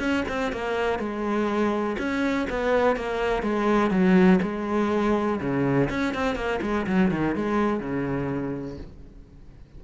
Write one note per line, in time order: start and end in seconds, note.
0.00 0.24 C#4
0.29 0.53 C4
0.53 0.99 A#3
0.99 1.97 G#3
1.98 2.47 C#4
2.50 2.96 B3
2.96 3.43 A#3
3.43 3.91 G#3
3.91 4.40 F#3
4.42 5.40 G#3
5.41 5.89 C#3
5.90 6.15 C#4
6.15 6.35 C4
6.35 6.60 A#3
6.62 6.86 G#3
6.87 7.11 F#3
7.11 7.36 D#3
7.36 7.80 G#3
7.80 8.78 C#3